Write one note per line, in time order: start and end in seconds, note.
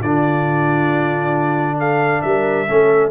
0.00 2.21 D3
0.00 2.67 D4
0.00 1.76 F4
0.00 1.78 D5
1.78 2.22 A4
1.78 2.21 F5
2.21 2.68 G3
2.21 2.67 A#4
2.21 3.10 E5
2.67 3.11 A3
2.67 3.11 C#4
2.67 3.11 A4